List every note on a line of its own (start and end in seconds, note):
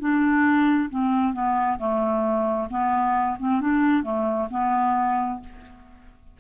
0.00 0.90 D4
0.90 1.34 C4
1.34 1.78 B3
1.79 2.68 A3
2.70 3.37 B3
3.39 3.61 C4
3.61 4.04 D4
4.04 4.49 A3
4.51 5.41 B3